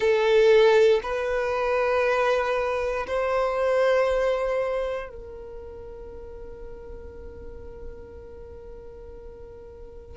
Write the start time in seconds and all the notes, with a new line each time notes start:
0.00 A4
1.03 B4
3.07 C5
5.09 A#4